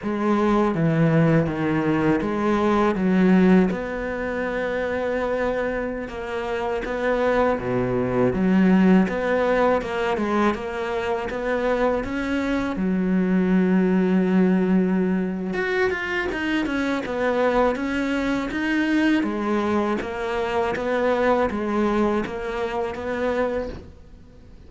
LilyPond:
\new Staff \with { instrumentName = "cello" } { \time 4/4 \tempo 4 = 81 gis4 e4 dis4 gis4 | fis4 b2.~ | b16 ais4 b4 b,4 fis8.~ | fis16 b4 ais8 gis8 ais4 b8.~ |
b16 cis'4 fis2~ fis8.~ | fis4 fis'8 f'8 dis'8 cis'8 b4 | cis'4 dis'4 gis4 ais4 | b4 gis4 ais4 b4 | }